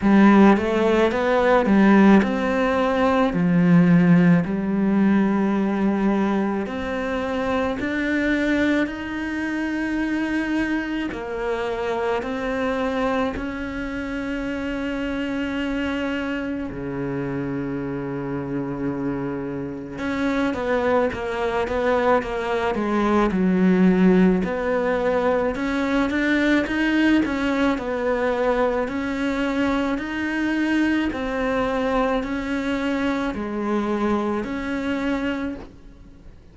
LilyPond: \new Staff \with { instrumentName = "cello" } { \time 4/4 \tempo 4 = 54 g8 a8 b8 g8 c'4 f4 | g2 c'4 d'4 | dis'2 ais4 c'4 | cis'2. cis4~ |
cis2 cis'8 b8 ais8 b8 | ais8 gis8 fis4 b4 cis'8 d'8 | dis'8 cis'8 b4 cis'4 dis'4 | c'4 cis'4 gis4 cis'4 | }